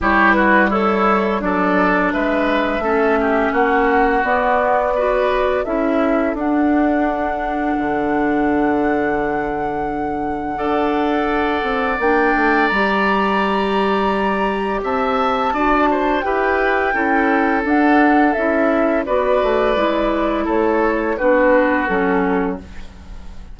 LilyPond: <<
  \new Staff \with { instrumentName = "flute" } { \time 4/4 \tempo 4 = 85 cis''8 b'8 cis''4 d''4 e''4~ | e''4 fis''4 d''2 | e''4 fis''2.~ | fis''1~ |
fis''4 g''4 ais''2~ | ais''4 a''2 g''4~ | g''4 fis''4 e''4 d''4~ | d''4 cis''4 b'4 a'4 | }
  \new Staff \with { instrumentName = "oboe" } { \time 4/4 g'8 fis'8 e'4 a'4 b'4 | a'8 g'8 fis'2 b'4 | a'1~ | a'2. d''4~ |
d''1~ | d''4 e''4 d''8 c''8 b'4 | a'2. b'4~ | b'4 a'4 fis'2 | }
  \new Staff \with { instrumentName = "clarinet" } { \time 4/4 e'4 a'4 d'2 | cis'2 b4 fis'4 | e'4 d'2.~ | d'2. a'4~ |
a'4 d'4 g'2~ | g'2 fis'4 g'4 | e'4 d'4 e'4 fis'4 | e'2 d'4 cis'4 | }
  \new Staff \with { instrumentName = "bassoon" } { \time 4/4 g2 fis4 gis4 | a4 ais4 b2 | cis'4 d'2 d4~ | d2. d'4~ |
d'8 c'8 ais8 a8 g2~ | g4 c'4 d'4 e'4 | cis'4 d'4 cis'4 b8 a8 | gis4 a4 b4 fis4 | }
>>